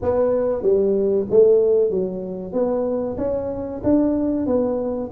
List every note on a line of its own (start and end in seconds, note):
0.01 0.62 B3
0.62 1.26 G3
1.30 1.90 A3
1.90 2.52 F#3
2.52 3.16 B3
3.17 3.81 C#4
3.83 4.46 D4
4.46 5.10 B3